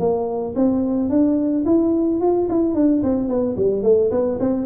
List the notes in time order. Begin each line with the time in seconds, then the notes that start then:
0.00 A#3
0.56 C4
1.10 D4
1.66 E4
2.21 F4
2.49 E4
2.75 D4
3.04 C4
3.29 B3
3.57 G3
3.83 A3
4.12 B3
4.40 C4